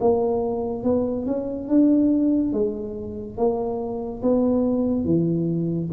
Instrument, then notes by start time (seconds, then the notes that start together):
tuba
0.00 A#3
0.83 B3
1.26 C#4
1.68 D4
2.53 G#3
3.37 A#3
4.22 B3
5.04 E3